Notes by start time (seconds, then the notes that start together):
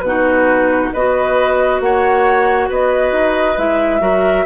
0.00 B2 B4
0.06 D#4 F#4
0.93 B3 F#4 B4 D#5
1.80 A#3 C#5 F#5
2.69 B3 B4 D#5
3.12 D#4
3.58 G#3 E4 E5
4.00 F#3 F#4 A#4